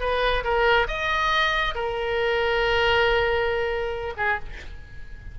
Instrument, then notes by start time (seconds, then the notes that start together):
oboe
0.00 B4
0.44 A#4
0.88 D#5
1.75 A#4
4.17 G#4